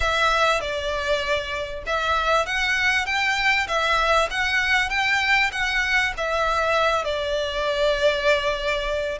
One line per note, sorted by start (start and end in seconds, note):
0.00 0.60 E5
0.60 1.83 D5
1.86 2.46 E5
2.46 3.06 F#5
3.06 3.67 G5
3.67 4.28 E5
4.30 4.89 F#5
4.89 5.50 G5
5.51 6.13 F#5
6.17 7.04 E5
7.04 9.18 D5